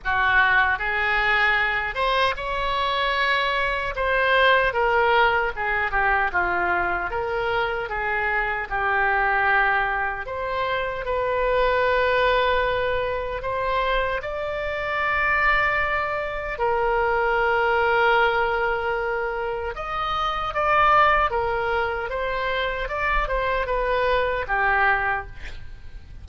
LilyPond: \new Staff \with { instrumentName = "oboe" } { \time 4/4 \tempo 4 = 76 fis'4 gis'4. c''8 cis''4~ | cis''4 c''4 ais'4 gis'8 g'8 | f'4 ais'4 gis'4 g'4~ | g'4 c''4 b'2~ |
b'4 c''4 d''2~ | d''4 ais'2.~ | ais'4 dis''4 d''4 ais'4 | c''4 d''8 c''8 b'4 g'4 | }